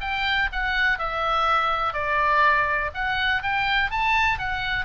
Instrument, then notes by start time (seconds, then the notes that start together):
oboe
0.00 G5
0.52 F#5
0.98 E5
1.93 D5
2.94 F#5
3.42 G5
3.90 A5
4.38 F#5